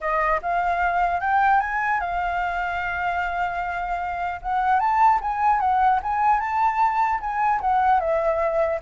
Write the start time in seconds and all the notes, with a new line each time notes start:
0.00 D#5
0.42 F5
1.20 G5
1.60 G#5
2.00 F5
4.42 F#5
4.79 A5
5.21 G#5
5.59 F#5
6.02 G#5
6.39 A5
7.20 G#5
7.60 F#5
8.00 E5